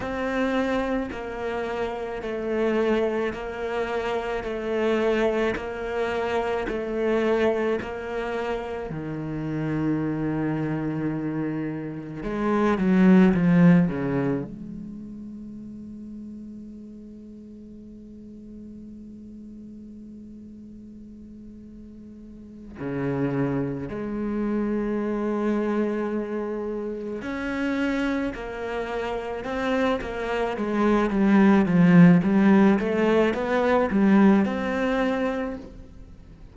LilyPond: \new Staff \with { instrumentName = "cello" } { \time 4/4 \tempo 4 = 54 c'4 ais4 a4 ais4 | a4 ais4 a4 ais4 | dis2. gis8 fis8 | f8 cis8 gis2.~ |
gis1~ | gis8 cis4 gis2~ gis8~ | gis8 cis'4 ais4 c'8 ais8 gis8 | g8 f8 g8 a8 b8 g8 c'4 | }